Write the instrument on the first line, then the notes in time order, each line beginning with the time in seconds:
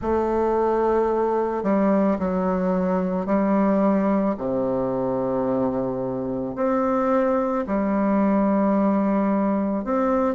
bassoon
0.01 A3
1.63 G3
2.18 F#3
3.26 G3
4.37 C3
6.55 C4
7.67 G3
9.84 C4